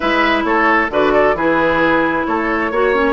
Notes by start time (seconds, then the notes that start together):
0.00 G#3 E4 B4 E5
0.44 A3 A4 C#5
0.89 D3 F#4 B4 D5
1.12 A4
1.33 E3 E4 G#4 B4
2.26 A3 A4 C#5
2.71 A#3 F#4 C#5
2.94 C#4